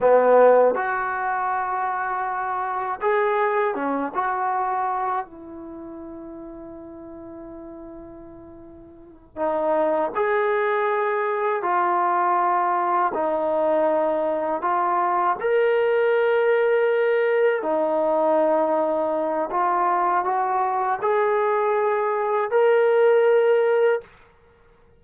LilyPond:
\new Staff \with { instrumentName = "trombone" } { \time 4/4 \tempo 4 = 80 b4 fis'2. | gis'4 cis'8 fis'4. e'4~ | e'1~ | e'8 dis'4 gis'2 f'8~ |
f'4. dis'2 f'8~ | f'8 ais'2. dis'8~ | dis'2 f'4 fis'4 | gis'2 ais'2 | }